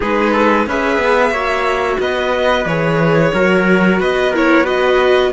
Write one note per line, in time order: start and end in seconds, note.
0.00 0.66 G#3
0.00 0.68 D#4
0.00 0.32 G#4
0.00 0.68 B4
0.32 0.66 A4
0.66 0.97 C#4
0.66 1.34 G#4
0.66 1.32 B4
0.66 2.00 E5
0.97 1.30 B3
1.30 1.97 A#3
1.30 2.67 F#4
1.30 1.98 C#5
1.99 2.65 B3
1.99 3.33 B4
1.99 2.66 D#5
2.65 3.31 E3
2.65 3.35 G#4
2.65 4.00 C#5
3.33 4.00 F#3
3.33 4.34 F#4
3.33 4.00 A#4
4.00 5.32 B3
4.00 4.31 B4
4.00 4.34 D#5
4.31 4.64 E4
4.31 4.63 A#4
4.31 4.66 C#5
4.63 5.30 F#4
4.63 5.30 B4
4.63 5.32 D#5